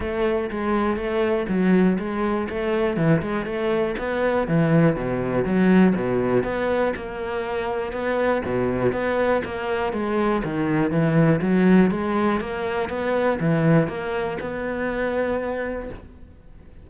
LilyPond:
\new Staff \with { instrumentName = "cello" } { \time 4/4 \tempo 4 = 121 a4 gis4 a4 fis4 | gis4 a4 e8 gis8 a4 | b4 e4 b,4 fis4 | b,4 b4 ais2 |
b4 b,4 b4 ais4 | gis4 dis4 e4 fis4 | gis4 ais4 b4 e4 | ais4 b2. | }